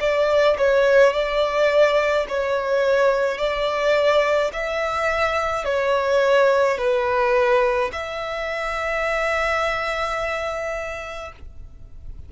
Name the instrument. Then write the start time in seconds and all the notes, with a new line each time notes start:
violin
0.00 D5
0.58 C#5
1.13 D5
2.28 C#5
3.38 D5
4.53 E5
5.64 C#5
6.78 B4
7.92 E5